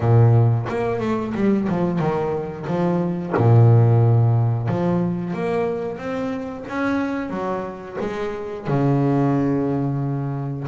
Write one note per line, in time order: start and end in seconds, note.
0.00 0.65 A#2
0.68 0.99 A#3
0.99 1.33 A3
1.34 1.68 G3
1.68 1.99 F3
1.99 2.65 D#3
2.66 3.33 F3
3.37 4.68 A#2
4.68 5.33 F3
5.33 5.98 A#3
5.98 6.64 C4
6.68 7.30 C#4
7.30 7.96 F#3
8.00 8.67 G#3
8.67 10.67 C#3